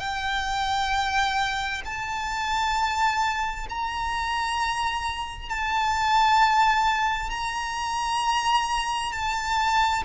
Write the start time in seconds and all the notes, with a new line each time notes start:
0.00 G5
1.85 A5
3.69 A#5
5.49 A5
7.30 A#5
9.12 A5